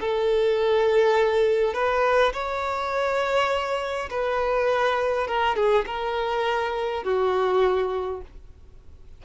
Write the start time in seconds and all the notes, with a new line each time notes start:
0.00 A4
1.74 B4
2.33 C#5
4.10 B4
5.27 A#4
5.56 G#4
5.86 A#4
7.04 F#4